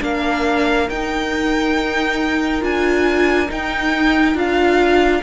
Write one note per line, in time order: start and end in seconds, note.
0.00 0.89 A#3
0.00 0.87 D4
0.00 5.22 A#4
0.00 0.89 F5
0.89 2.62 D#4
0.89 2.61 D#4
0.89 2.63 G5
2.61 3.49 D4
2.61 3.47 F4
2.61 3.51 G#5
3.48 4.34 D#4
3.48 4.38 G5
4.34 5.21 D4
4.34 5.21 F4
4.34 5.22 F5